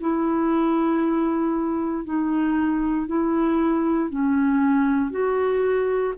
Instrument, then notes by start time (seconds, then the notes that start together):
clarinet
0.00 E4
2.05 D#4
3.07 E4
4.10 C#4
5.10 F#4